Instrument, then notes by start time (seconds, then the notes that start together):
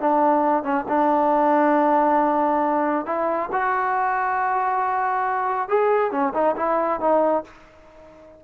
trombone
0.00 D4
0.64 C#4
0.88 D4
3.06 E4
3.53 F#4
5.69 G#4
6.12 C#4
6.34 D#4
6.57 E4
7.01 D#4